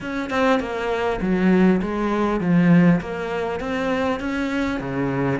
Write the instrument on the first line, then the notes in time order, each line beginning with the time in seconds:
cello
0.01 C#4
0.29 C4
0.60 A#3
1.21 F#3
1.81 G#3
2.40 F3
3.00 A#3
3.59 C4
4.20 C#4
4.80 C#3